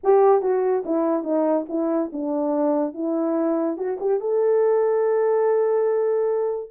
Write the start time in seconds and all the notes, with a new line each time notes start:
0.03 G4
0.41 F#4
0.85 E4
1.23 D#4
1.69 E4
2.12 D4
2.94 E4
3.77 F#4
4.00 G4
4.20 A4